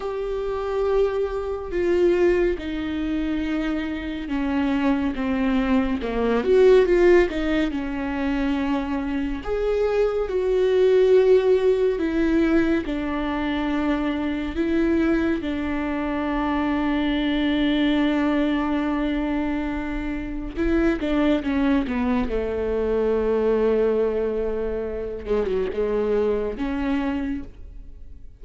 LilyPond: \new Staff \with { instrumentName = "viola" } { \time 4/4 \tempo 4 = 70 g'2 f'4 dis'4~ | dis'4 cis'4 c'4 ais8 fis'8 | f'8 dis'8 cis'2 gis'4 | fis'2 e'4 d'4~ |
d'4 e'4 d'2~ | d'1 | e'8 d'8 cis'8 b8 a2~ | a4. gis16 fis16 gis4 cis'4 | }